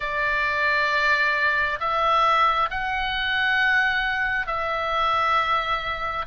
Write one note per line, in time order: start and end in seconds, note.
0.00 1.79 D5
1.80 2.69 E5
2.70 4.46 F#5
4.46 6.25 E5